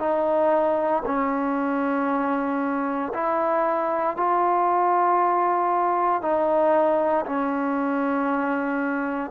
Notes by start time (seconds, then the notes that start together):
0.00 D#4
1.06 C#4
3.14 E4
4.17 F4
6.22 D#4
7.26 C#4